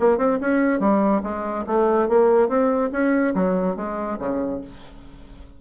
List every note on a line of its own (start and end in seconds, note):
0.00 0.18 A#3
0.18 0.39 C4
0.41 0.80 C#4
0.80 1.22 G3
1.23 1.65 G#3
1.67 2.09 A3
2.09 2.49 A#3
2.49 2.91 C4
2.93 3.35 C#4
3.35 3.76 F#3
3.76 4.18 G#3
4.19 4.61 C#3